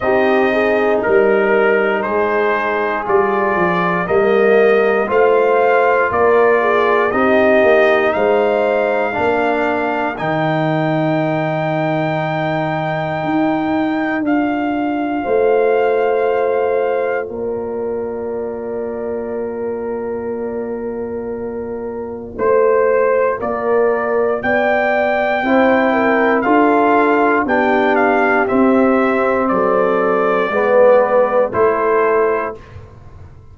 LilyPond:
<<
  \new Staff \with { instrumentName = "trumpet" } { \time 4/4 \tempo 4 = 59 dis''4 ais'4 c''4 d''4 | dis''4 f''4 d''4 dis''4 | f''2 g''2~ | g''2 f''2~ |
f''4 d''2.~ | d''2 c''4 d''4 | g''2 f''4 g''8 f''8 | e''4 d''2 c''4 | }
  \new Staff \with { instrumentName = "horn" } { \time 4/4 g'8 gis'8 ais'4 gis'2 | ais'4 c''4 ais'8 gis'8 g'4 | c''4 ais'2.~ | ais'2. c''4~ |
c''4 ais'2.~ | ais'2 c''4 ais'4 | d''4 c''8 ais'8 a'4 g'4~ | g'4 a'4 b'4 a'4 | }
  \new Staff \with { instrumentName = "trombone" } { \time 4/4 dis'2. f'4 | ais4 f'2 dis'4~ | dis'4 d'4 dis'2~ | dis'2 f'2~ |
f'1~ | f'1~ | f'4 e'4 f'4 d'4 | c'2 b4 e'4 | }
  \new Staff \with { instrumentName = "tuba" } { \time 4/4 c'4 g4 gis4 g8 f8 | g4 a4 ais4 c'8 ais8 | gis4 ais4 dis2~ | dis4 dis'4 d'4 a4~ |
a4 ais2.~ | ais2 a4 ais4 | b4 c'4 d'4 b4 | c'4 fis4 gis4 a4 | }
>>